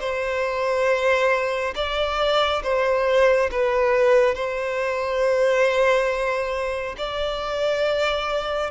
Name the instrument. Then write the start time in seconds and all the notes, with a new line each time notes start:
violin
0.00 C5
1.75 D5
2.63 C5
3.51 B4
4.34 C5
6.97 D5